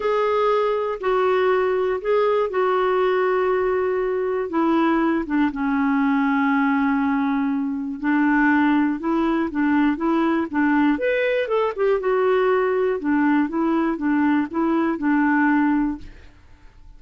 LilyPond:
\new Staff \with { instrumentName = "clarinet" } { \time 4/4 \tempo 4 = 120 gis'2 fis'2 | gis'4 fis'2.~ | fis'4 e'4. d'8 cis'4~ | cis'1 |
d'2 e'4 d'4 | e'4 d'4 b'4 a'8 g'8 | fis'2 d'4 e'4 | d'4 e'4 d'2 | }